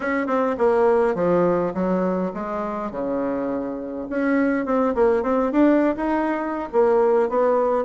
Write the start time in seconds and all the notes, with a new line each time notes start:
0.00 C#4
0.26 C4
0.58 A#3
1.15 F3
1.73 F#3
2.34 G#3
2.91 C#3
4.09 C#4
4.65 C4
4.95 A#3
5.22 C4
5.52 D4
5.96 D#4
6.72 A#3
7.29 B3